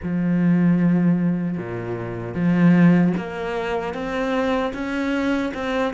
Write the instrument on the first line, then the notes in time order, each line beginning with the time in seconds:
cello
0.02 F3
1.57 A#2
2.34 F3
3.17 A#3
3.94 C4
4.73 C#4
5.54 C4